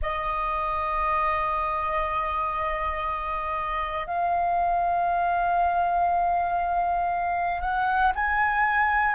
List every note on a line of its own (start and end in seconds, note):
0.02 4.07 D#5
4.07 7.61 F5
7.61 8.12 F#5
8.15 9.14 G#5